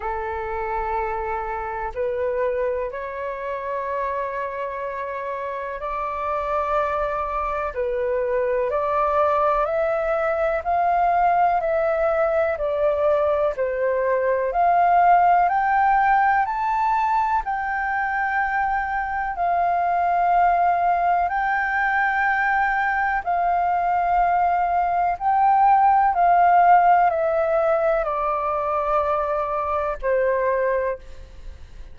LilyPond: \new Staff \with { instrumentName = "flute" } { \time 4/4 \tempo 4 = 62 a'2 b'4 cis''4~ | cis''2 d''2 | b'4 d''4 e''4 f''4 | e''4 d''4 c''4 f''4 |
g''4 a''4 g''2 | f''2 g''2 | f''2 g''4 f''4 | e''4 d''2 c''4 | }